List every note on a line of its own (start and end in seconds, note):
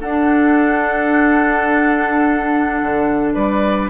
0.00 3.90 D4
0.00 2.82 D4
0.00 3.34 A4
0.00 3.34 F#5
2.82 3.36 D3
3.34 3.90 G3
3.34 3.90 B4
3.34 3.90 D5